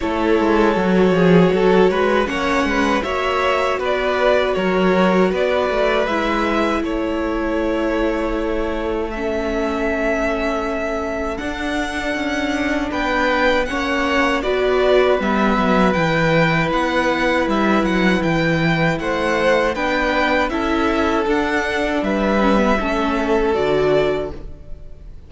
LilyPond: <<
  \new Staff \with { instrumentName = "violin" } { \time 4/4 \tempo 4 = 79 cis''2. fis''4 | e''4 d''4 cis''4 d''4 | e''4 cis''2. | e''2. fis''4~ |
fis''4 g''4 fis''4 d''4 | e''4 g''4 fis''4 e''8 fis''8 | g''4 fis''4 g''4 e''4 | fis''4 e''2 d''4 | }
  \new Staff \with { instrumentName = "violin" } { \time 4/4 a'4. gis'8 a'8 b'8 cis''8 b'8 | cis''4 b'4 ais'4 b'4~ | b'4 a'2.~ | a'1~ |
a'4 b'4 cis''4 b'4~ | b'1~ | b'4 c''4 b'4 a'4~ | a'4 b'4 a'2 | }
  \new Staff \with { instrumentName = "viola" } { \time 4/4 e'4 fis'2 cis'4 | fis'1 | e'1 | cis'2. d'4~ |
d'2 cis'4 fis'4 | b4 e'2.~ | e'2 d'4 e'4 | d'4. cis'16 b16 cis'4 fis'4 | }
  \new Staff \with { instrumentName = "cello" } { \time 4/4 a8 gis8 fis8 f8 fis8 gis8 ais8 gis8 | ais4 b4 fis4 b8 a8 | gis4 a2.~ | a2. d'4 |
cis'4 b4 ais4 b4 | g8 fis8 e4 b4 g8 fis8 | e4 a4 b4 cis'4 | d'4 g4 a4 d4 | }
>>